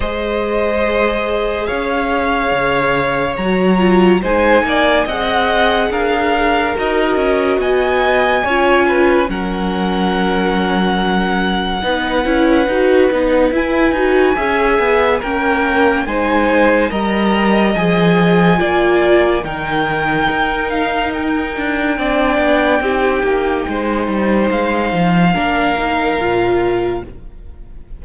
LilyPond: <<
  \new Staff \with { instrumentName = "violin" } { \time 4/4 \tempo 4 = 71 dis''2 f''2 | ais''4 gis''4 fis''4 f''4 | dis''4 gis''2 fis''4~ | fis''1 |
gis''2 g''4 gis''4 | ais''4 gis''2 g''4~ | g''8 f''8 g''2.~ | g''4 f''2. | }
  \new Staff \with { instrumentName = "violin" } { \time 4/4 c''2 cis''2~ | cis''4 c''8 d''8 dis''4 ais'4~ | ais'4 dis''4 cis''8 b'8 ais'4~ | ais'2 b'2~ |
b'4 e''4 ais'4 c''4 | dis''2 d''4 ais'4~ | ais'2 d''4 g'4 | c''2 ais'2 | }
  \new Staff \with { instrumentName = "viola" } { \time 4/4 gis'1 | fis'8 f'8 dis'4 gis'2 | fis'2 f'4 cis'4~ | cis'2 dis'8 e'8 fis'8 dis'8 |
e'8 fis'8 gis'4 cis'4 dis'4 | ais'4 gis'4 f'4 dis'4~ | dis'2 d'4 dis'4~ | dis'2 d'8 dis'8 f'4 | }
  \new Staff \with { instrumentName = "cello" } { \time 4/4 gis2 cis'4 cis4 | fis4 gis8 ais8 c'4 d'4 | dis'8 cis'8 b4 cis'4 fis4~ | fis2 b8 cis'8 dis'8 b8 |
e'8 dis'8 cis'8 b8 ais4 gis4 | g4 f4 ais4 dis4 | dis'4. d'8 c'8 b8 c'8 ais8 | gis8 g8 gis8 f8 ais4 ais,4 | }
>>